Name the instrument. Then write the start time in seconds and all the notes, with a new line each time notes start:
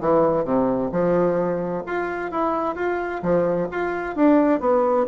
bassoon
0.00 E3
0.44 C3
0.91 F3
1.86 F4
2.31 E4
2.75 F4
3.22 F3
3.71 F4
4.16 D4
4.60 B3